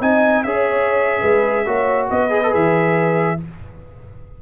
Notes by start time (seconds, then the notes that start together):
0.00 C4 D#4 D#5 G#5
0.43 C#4 G#4 C#5 E5
1.20 G#3 B4
1.65 A#3 F#4 C#5
2.08 B3 B4 D#5
2.29 G#4
2.43 A4
2.49 E3 G#4 E5